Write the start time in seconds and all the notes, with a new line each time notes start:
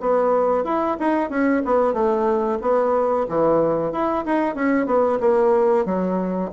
0.00 B3
0.64 E4
0.99 D#4
1.30 C#4
1.65 B3
1.94 A3
2.61 B3
3.29 E3
3.92 E4
4.25 D#4
4.55 C#4
4.86 B3
5.20 A#3
5.85 F#3